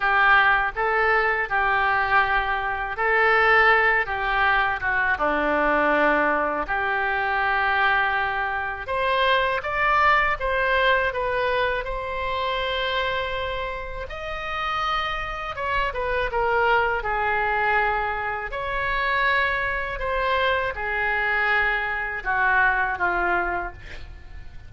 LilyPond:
\new Staff \with { instrumentName = "oboe" } { \time 4/4 \tempo 4 = 81 g'4 a'4 g'2 | a'4. g'4 fis'8 d'4~ | d'4 g'2. | c''4 d''4 c''4 b'4 |
c''2. dis''4~ | dis''4 cis''8 b'8 ais'4 gis'4~ | gis'4 cis''2 c''4 | gis'2 fis'4 f'4 | }